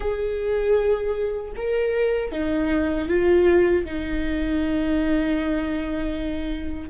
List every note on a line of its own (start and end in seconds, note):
0.00 1.52 G#4
1.56 2.31 A#4
2.31 3.08 D#4
3.08 3.85 F4
3.85 6.89 D#4